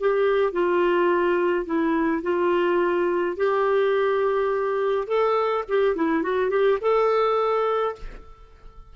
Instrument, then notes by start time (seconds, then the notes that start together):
clarinet
0.00 G4
0.52 F4
1.66 E4
2.23 F4
3.37 G4
5.07 A4
5.69 G4
5.96 E4
6.23 F#4
6.50 G4
6.81 A4